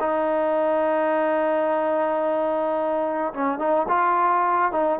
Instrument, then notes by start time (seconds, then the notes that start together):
trombone
0.00 D#4
3.34 C#4
3.59 D#4
3.88 F4
4.72 D#4